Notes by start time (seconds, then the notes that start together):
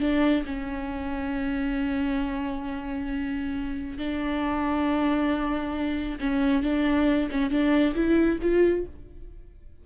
0.00 D4
0.46 C#4
3.98 D4
6.20 C#4
6.63 D4
7.31 C#4
7.51 D4
7.95 E4
8.42 F4